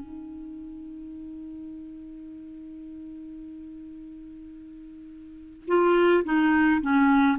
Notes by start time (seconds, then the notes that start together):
0.00 D#4
5.68 F4
6.25 D#4
6.81 C#4